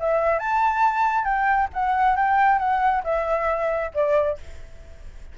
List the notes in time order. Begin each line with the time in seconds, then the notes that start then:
0.00 E5
0.39 A5
1.25 G5
1.73 F#5
2.16 G5
2.59 F#5
3.04 E5
3.94 D5